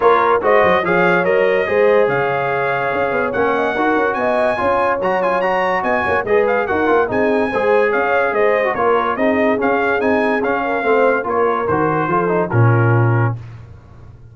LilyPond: <<
  \new Staff \with { instrumentName = "trumpet" } { \time 4/4 \tempo 4 = 144 cis''4 dis''4 f''4 dis''4~ | dis''4 f''2. | fis''2 gis''2 | ais''8 gis''8 ais''4 gis''4 dis''8 f''8 |
fis''4 gis''2 f''4 | dis''4 cis''4 dis''4 f''4 | gis''4 f''2 cis''4 | c''2 ais'2 | }
  \new Staff \with { instrumentName = "horn" } { \time 4/4 ais'4 c''4 cis''2 | c''4 cis''2.~ | cis''8 dis''8 ais'4 dis''4 cis''4~ | cis''2 dis''8 cis''8 b'4 |
ais'4 gis'4 c''4 cis''4 | c''4 ais'4 gis'2~ | gis'4. ais'8 c''4 ais'4~ | ais'4 a'4 f'2 | }
  \new Staff \with { instrumentName = "trombone" } { \time 4/4 f'4 fis'4 gis'4 ais'4 | gis'1 | cis'4 fis'2 f'4 | fis'8 f'8 fis'2 gis'4 |
fis'8 f'8 dis'4 gis'2~ | gis'8. fis'16 f'4 dis'4 cis'4 | dis'4 cis'4 c'4 f'4 | fis'4 f'8 dis'8 cis'2 | }
  \new Staff \with { instrumentName = "tuba" } { \time 4/4 ais4 gis8 fis8 f4 fis4 | gis4 cis2 cis'8 b8 | ais4 dis'8 cis'8 b4 cis'4 | fis2 b8 ais8 gis4 |
dis'8 ais8 c'4 gis4 cis'4 | gis4 ais4 c'4 cis'4 | c'4 cis'4 a4 ais4 | dis4 f4 ais,2 | }
>>